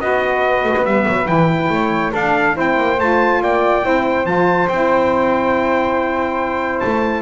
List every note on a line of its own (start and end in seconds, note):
0.00 0.64 B3
0.00 0.85 F#4
0.00 1.73 B4
0.00 0.85 D#5
0.64 0.75 A3
0.77 0.85 B3
0.85 1.06 G3
0.85 1.26 B3
0.85 1.27 E5
1.08 1.28 F#3
1.26 1.69 E3
1.26 2.11 E4
1.26 2.12 G5
1.69 2.12 A3
1.69 2.12 C#5
2.12 2.53 D4
2.12 2.56 D4
2.12 2.55 A4
2.12 2.57 F5
2.53 2.77 C4
2.53 2.96 E4
2.53 3.41 C5
2.59 3.00 G5
2.77 2.98 A#3
2.98 3.41 A3
2.98 3.82 F4
2.98 3.43 A5
3.41 3.84 A#3
3.41 3.85 D5
3.41 4.26 G5
3.82 4.25 C4
3.82 4.25 E4
3.82 7.22 C5
4.25 4.68 F3
4.25 4.67 F4
4.25 4.68 A5
4.69 6.81 C4
4.69 7.22 E4
4.69 6.80 G5
6.80 7.22 A3
6.80 7.22 A5